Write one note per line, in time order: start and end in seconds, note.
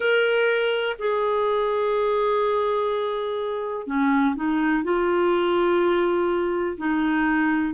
0.00 0.96 A#4
0.99 3.86 G#4
3.86 4.35 C#4
4.35 4.83 D#4
4.83 6.77 F4
6.77 7.74 D#4